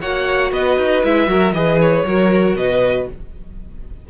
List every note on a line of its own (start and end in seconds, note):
0.00 0.51 A#3
0.00 1.04 F#4
0.00 0.52 C#5
0.00 0.51 F#5
0.51 0.77 B3
0.51 1.29 B4
0.51 1.04 D#5
0.77 1.02 D#4
1.04 1.27 G#3
1.04 1.27 E4
1.04 1.52 E5
1.27 1.52 F#3
1.27 1.52 F#4
1.27 1.54 A#4
1.52 2.04 E3
1.52 2.05 G#4
1.52 2.06 B4
1.52 1.78 D#5
1.81 2.56 C#5
2.04 2.55 F#3
2.04 3.10 F#4
2.04 2.58 A#4
2.55 3.06 B2
2.55 3.09 B4
2.55 3.07 D#5